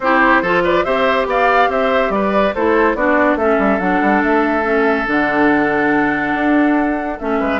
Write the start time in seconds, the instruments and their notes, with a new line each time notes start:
0.00 bassoon C4, clarinet E4, oboe G4, flute C5
0.41 bassoon F3, clarinet F4, oboe A4
0.63 oboe B4, flute D5
0.83 bassoon C4, clarinet G4, oboe C5, flute E5
1.26 bassoon B3, oboe D5, flute F5
1.68 bassoon C4, oboe C5, flute E5
2.09 bassoon G3, oboe B4, flute D5
2.54 bassoon A3, clarinet E4, oboe A4, flute C5
2.94 bassoon B3, clarinet D4, oboe F#4, flute D5
3.35 bassoon A3, clarinet C#4, oboe A4, flute E5
3.58 bassoon G3
3.79 bassoon F#3, clarinet D4, flute F#5
4.01 bassoon G3
4.22 bassoon A3, flute E5
4.63 clarinet C#4
5.06 bassoon D3, clarinet D4, flute F#5
6.33 bassoon D4
7.19 bassoon A3, clarinet C#4, flute E5
7.39 bassoon G#3, oboe B4